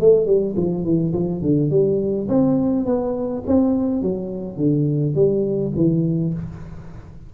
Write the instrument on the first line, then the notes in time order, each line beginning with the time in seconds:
tuba
0.00 A3
0.26 G3
0.57 F3
0.84 E3
1.13 F3
1.42 D3
1.70 G3
2.28 C4
2.86 B3
3.47 C4
4.02 F#3
4.57 D3
5.15 G3
5.76 E3